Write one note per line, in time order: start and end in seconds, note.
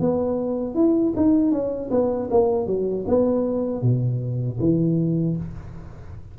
0.00 0.75 B3
0.75 1.13 E4
1.16 1.52 D#4
1.52 1.90 C#4
1.91 2.29 B3
2.31 2.67 A#3
2.67 3.05 F#3
3.07 3.82 B3
3.82 4.59 B2
4.60 5.37 E3